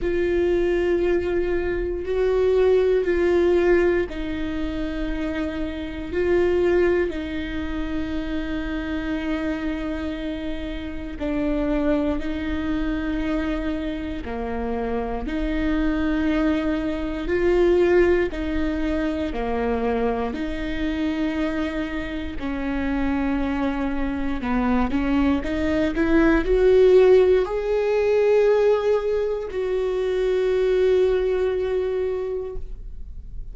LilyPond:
\new Staff \with { instrumentName = "viola" } { \time 4/4 \tempo 4 = 59 f'2 fis'4 f'4 | dis'2 f'4 dis'4~ | dis'2. d'4 | dis'2 ais4 dis'4~ |
dis'4 f'4 dis'4 ais4 | dis'2 cis'2 | b8 cis'8 dis'8 e'8 fis'4 gis'4~ | gis'4 fis'2. | }